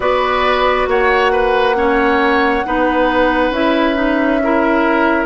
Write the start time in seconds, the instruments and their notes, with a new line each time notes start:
0.00 bassoon B3, clarinet F#4, oboe B4, flute D5
0.87 bassoon A#3, oboe C#5, flute F#5
1.32 oboe B4
1.75 clarinet C#4, oboe C#5
2.65 bassoon B3, clarinet D#4, oboe B4
3.49 bassoon C#4, clarinet E4, flute E5
3.95 clarinet D#4
4.43 clarinet E4, oboe A#4